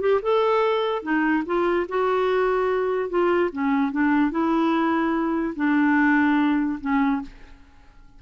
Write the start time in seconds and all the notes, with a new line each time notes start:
0.00 G4
0.22 A4
1.02 D#4
1.46 F4
1.88 F#4
3.09 F4
3.52 C#4
3.92 D4
4.31 E4
5.56 D4
6.81 C#4